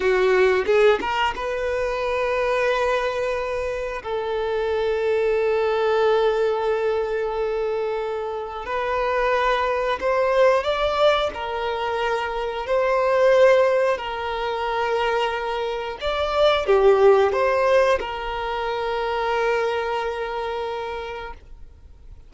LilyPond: \new Staff \with { instrumentName = "violin" } { \time 4/4 \tempo 4 = 90 fis'4 gis'8 ais'8 b'2~ | b'2 a'2~ | a'1~ | a'4 b'2 c''4 |
d''4 ais'2 c''4~ | c''4 ais'2. | d''4 g'4 c''4 ais'4~ | ais'1 | }